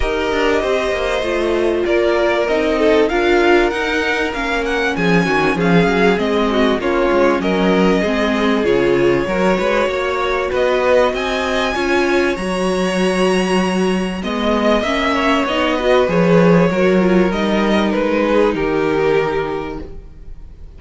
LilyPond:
<<
  \new Staff \with { instrumentName = "violin" } { \time 4/4 \tempo 4 = 97 dis''2. d''4 | dis''4 f''4 fis''4 f''8 fis''8 | gis''4 f''4 dis''4 cis''4 | dis''2 cis''2~ |
cis''4 dis''4 gis''2 | ais''2. dis''4 | e''4 dis''4 cis''2 | dis''4 b'4 ais'2 | }
  \new Staff \with { instrumentName = "violin" } { \time 4/4 ais'4 c''2 ais'4~ | ais'8 a'8 ais'2. | gis'8 fis'8 gis'4. fis'8 f'4 | ais'4 gis'2 ais'8 b'8 |
cis''4 b'4 dis''4 cis''4~ | cis''2. dis''4~ | dis''8 cis''4 b'4. ais'4~ | ais'4. gis'8 g'2 | }
  \new Staff \with { instrumentName = "viola" } { \time 4/4 g'2 f'2 | dis'4 f'4 dis'4 cis'4~ | cis'2 c'4 cis'4~ | cis'4 c'4 f'4 fis'4~ |
fis'2. f'4 | fis'2. b4 | cis'4 dis'8 fis'8 gis'4 fis'8 f'8 | dis'1 | }
  \new Staff \with { instrumentName = "cello" } { \time 4/4 dis'8 d'8 c'8 ais8 a4 ais4 | c'4 d'4 dis'4 ais4 | f8 dis8 f8 fis8 gis4 ais8 gis8 | fis4 gis4 cis4 fis8 gis8 |
ais4 b4 c'4 cis'4 | fis2. gis4 | ais4 b4 f4 fis4 | g4 gis4 dis2 | }
>>